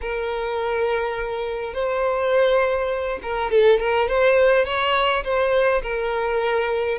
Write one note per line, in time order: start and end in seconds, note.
0.01 1.73 A#4
1.73 3.19 C5
3.22 3.50 A#4
3.50 3.79 A4
3.79 4.08 A#4
4.08 4.65 C5
4.65 5.23 C#5
5.23 5.82 C5
5.82 6.98 A#4